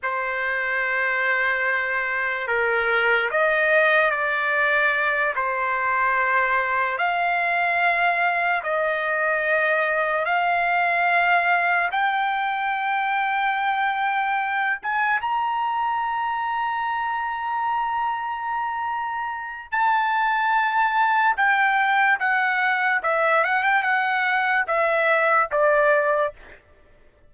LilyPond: \new Staff \with { instrumentName = "trumpet" } { \time 4/4 \tempo 4 = 73 c''2. ais'4 | dis''4 d''4. c''4.~ | c''8 f''2 dis''4.~ | dis''8 f''2 g''4.~ |
g''2 gis''8 ais''4.~ | ais''1 | a''2 g''4 fis''4 | e''8 fis''16 g''16 fis''4 e''4 d''4 | }